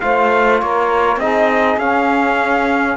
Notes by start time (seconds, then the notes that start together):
0.00 A3 F4 C5 F5
0.61 A#3 A#4 C#5
1.16 C4 D#4 G#4 D#5
1.77 C#4 F5